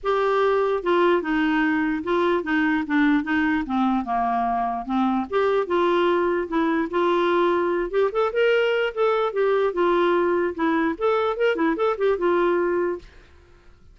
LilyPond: \new Staff \with { instrumentName = "clarinet" } { \time 4/4 \tempo 4 = 148 g'2 f'4 dis'4~ | dis'4 f'4 dis'4 d'4 | dis'4 c'4 ais2 | c'4 g'4 f'2 |
e'4 f'2~ f'8 g'8 | a'8 ais'4. a'4 g'4 | f'2 e'4 a'4 | ais'8 e'8 a'8 g'8 f'2 | }